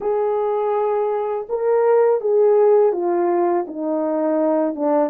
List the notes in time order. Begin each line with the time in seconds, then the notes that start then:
0.00 G#4
1.49 A#4
2.20 G#4
2.92 F4
3.67 D#4
4.75 D4